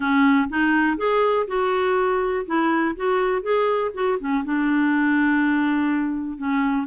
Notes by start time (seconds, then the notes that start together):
0.00 C#4
0.49 D#4
0.97 G#4
1.47 F#4
2.45 E4
2.96 F#4
3.42 G#4
3.93 F#4
4.19 C#4
4.44 D4
6.37 C#4